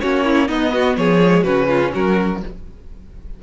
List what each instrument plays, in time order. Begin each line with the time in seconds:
0.00 cello A#3, viola C#4, violin F#4 C#5
0.24 violin E4
0.47 viola B3, cello B3, violin D#4 D#5
0.73 violin F#4
0.96 cello F3, violin G#4 C#5
1.24 viola G#3
1.43 cello C#3, viola C#4, violin F#4 B4
1.68 violin F4
1.93 cello F#3, violin F#4 A#4